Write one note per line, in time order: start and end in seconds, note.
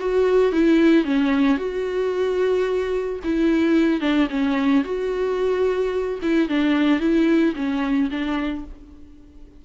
0.00 0.52 F#4
0.52 1.05 E4
1.05 1.58 C#4
1.58 3.20 F#4
3.24 4.01 E4
4.01 4.28 D4
4.30 4.84 C#4
4.85 6.20 F#4
6.23 6.49 E4
6.49 7.00 D4
7.00 7.54 E4
7.56 8.10 C#4
8.11 8.65 D4